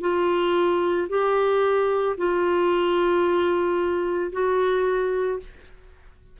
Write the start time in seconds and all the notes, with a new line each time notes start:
0.00 F4
1.09 G4
2.17 F4
4.32 F#4